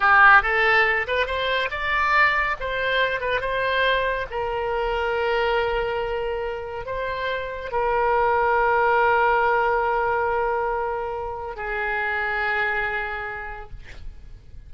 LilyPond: \new Staff \with { instrumentName = "oboe" } { \time 4/4 \tempo 4 = 140 g'4 a'4. b'8 c''4 | d''2 c''4. b'8 | c''2 ais'2~ | ais'1 |
c''2 ais'2~ | ais'1~ | ais'2. gis'4~ | gis'1 | }